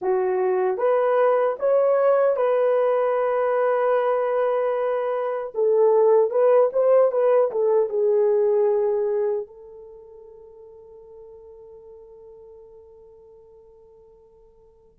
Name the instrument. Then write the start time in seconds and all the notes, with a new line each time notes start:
horn
0.01 F#4
0.77 B4
1.59 C#5
2.36 B4
5.54 A4
6.30 B4
6.72 C5
7.11 B4
7.51 A4
7.89 G#4
9.46 A4